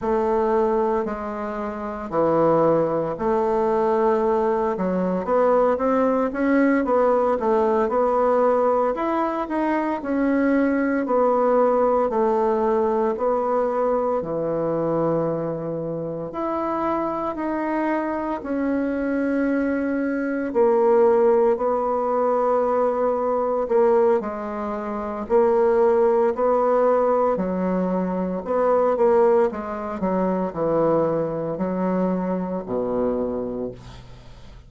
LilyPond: \new Staff \with { instrumentName = "bassoon" } { \time 4/4 \tempo 4 = 57 a4 gis4 e4 a4~ | a8 fis8 b8 c'8 cis'8 b8 a8 b8~ | b8 e'8 dis'8 cis'4 b4 a8~ | a8 b4 e2 e'8~ |
e'8 dis'4 cis'2 ais8~ | ais8 b2 ais8 gis4 | ais4 b4 fis4 b8 ais8 | gis8 fis8 e4 fis4 b,4 | }